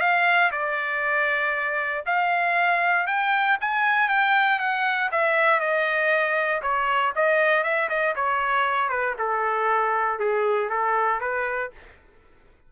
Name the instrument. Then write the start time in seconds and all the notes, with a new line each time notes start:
trumpet
0.00 F5
0.52 D5
2.06 F5
3.07 G5
3.61 G#5
4.09 G5
4.59 F#5
5.12 E5
5.60 D#5
6.62 C#5
7.16 D#5
7.64 E5
7.89 D#5
8.16 C#5
8.89 B4
9.18 A4
10.19 G#4
10.70 A4
11.20 B4